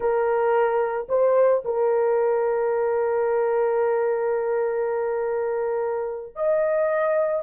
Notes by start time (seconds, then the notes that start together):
0.00 A#4
1.09 C5
1.64 A#4
6.35 D#5